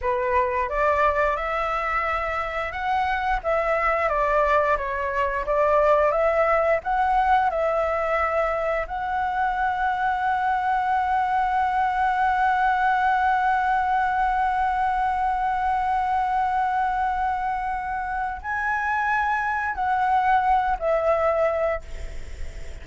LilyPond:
\new Staff \with { instrumentName = "flute" } { \time 4/4 \tempo 4 = 88 b'4 d''4 e''2 | fis''4 e''4 d''4 cis''4 | d''4 e''4 fis''4 e''4~ | e''4 fis''2.~ |
fis''1~ | fis''1~ | fis''2. gis''4~ | gis''4 fis''4. e''4. | }